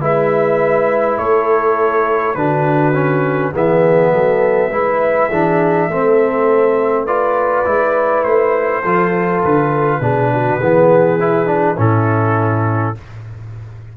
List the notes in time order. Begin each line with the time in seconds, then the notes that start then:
0.00 G#3 E4 B4 E5
1.18 A3 A4 C#5
2.35 D3 D4 F#4 B4
2.93 C#4
3.53 E3 B3 G#4 E5
4.12 F#3 A4
4.70 G#3 E4 B4
5.29 E3 D4 G#4
5.88 A3 C4 A4
7.04 F4 B4 D5
7.65 G#3 E4
8.23 A3 C5
8.80 F3 F4 A4
9.44 D3 B4
10.00 B2 D4 G#4
10.33 F#4
10.60 E3 B3 G#4
11.19 E4
11.46 D4
11.77 A2 C#4 E4 A4